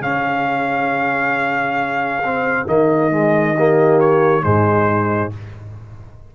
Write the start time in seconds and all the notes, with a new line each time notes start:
0.00 C#3 C#4 G#4 F5
2.24 C4
2.66 D#3 A#3 D#5
3.10 G#3
3.54 A#3 G4
3.99 C#5
4.42 G#2 G#3 D#4 C5